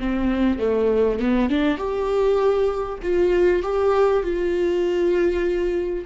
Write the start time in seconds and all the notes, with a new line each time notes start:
0.00 C4
0.59 A3
1.20 B3
1.50 D4
1.78 G4
3.03 F4
3.63 G4
4.23 F4